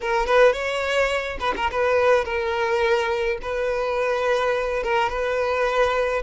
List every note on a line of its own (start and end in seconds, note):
0.00 0.26 A#4
0.26 0.52 B4
0.52 1.37 C#5
1.39 1.54 B4
1.56 1.70 A#4
1.71 2.24 B4
2.24 3.38 A#4
3.42 4.83 B4
4.83 5.09 A#4
5.09 6.22 B4